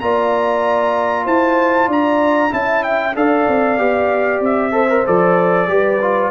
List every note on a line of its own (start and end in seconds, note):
0.00 1.26 A#3
0.00 2.50 F4
0.00 1.25 D5
0.00 1.26 A#5
1.25 1.88 E4
1.25 1.88 C5
1.25 1.90 A5
1.88 2.51 D4
1.88 2.51 D5
1.88 2.54 A#5
2.50 3.16 C#4
2.50 3.13 E4
2.50 3.17 E5
2.50 2.84 A5
2.84 3.15 G5
3.16 3.47 D4
3.16 3.79 A4
3.16 4.74 D5
3.16 4.43 F5
3.48 3.79 C4
3.79 4.41 B3
3.79 4.72 G4
4.41 5.04 C4
4.41 5.07 E5
4.72 4.88 A4
4.72 5.69 C5
4.90 5.06 A#4
5.06 5.68 F3
5.06 5.68 A4
5.06 6.32 D5
5.68 6.31 G3
5.68 6.00 G4
5.68 6.32 B4
6.02 6.32 F4